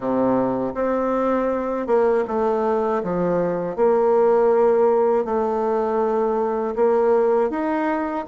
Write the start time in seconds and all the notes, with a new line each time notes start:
0.00 C3
0.74 C4
1.86 A#3
2.27 A3
3.03 F3
3.75 A#3
5.25 A3
6.75 A#3
7.50 D#4